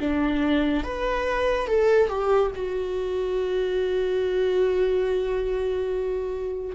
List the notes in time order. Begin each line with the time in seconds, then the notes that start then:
0.00 D4
0.84 B4
1.67 A4
2.09 G4
2.55 F#4